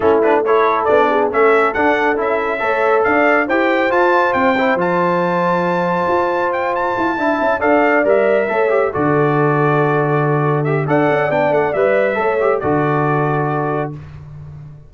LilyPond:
<<
  \new Staff \with { instrumentName = "trumpet" } { \time 4/4 \tempo 4 = 138 a'8 b'8 cis''4 d''4 e''4 | fis''4 e''2 f''4 | g''4 a''4 g''4 a''4~ | a''2. g''8 a''8~ |
a''4. f''4 e''4.~ | e''8 d''2.~ d''8~ | d''8 e''8 fis''4 g''8 fis''8 e''4~ | e''4 d''2. | }
  \new Staff \with { instrumentName = "horn" } { \time 4/4 e'4 a'4. gis'8 a'4~ | a'2 cis''4 d''4 | c''1~ | c''1~ |
c''8 e''4 d''2 cis''8~ | cis''8 a'2.~ a'8~ | a'4 d''2. | cis''4 a'2. | }
  \new Staff \with { instrumentName = "trombone" } { \time 4/4 cis'8 d'8 e'4 d'4 cis'4 | d'4 e'4 a'2 | g'4 f'4. e'8 f'4~ | f'1~ |
f'8 e'4 a'4 ais'4 a'8 | g'8 fis'2.~ fis'8~ | fis'8 g'8 a'4 d'4 b'4 | a'8 g'8 fis'2. | }
  \new Staff \with { instrumentName = "tuba" } { \time 4/4 a2 b4 a4 | d'4 cis'4 a4 d'4 | e'4 f'4 c'4 f4~ | f2 f'2 |
e'8 d'8 cis'8 d'4 g4 a8~ | a8 d2.~ d8~ | d4 d'8 cis'8 b8 a8 g4 | a4 d2. | }
>>